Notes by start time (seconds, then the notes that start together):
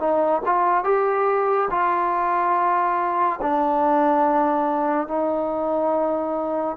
0.00 D#4
0.46 F4
0.85 G4
1.71 F4
3.42 D4
5.08 D#4